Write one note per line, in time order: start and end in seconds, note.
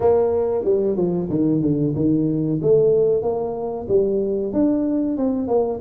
0.00 0.64 A#3
0.64 0.96 G3
0.96 1.28 F3
1.29 1.61 D#3
1.61 1.94 D3
1.95 2.60 D#3
2.61 3.22 A3
3.22 3.87 A#3
3.88 4.52 G3
4.52 5.17 D4
5.17 5.47 C4
5.47 5.79 A#3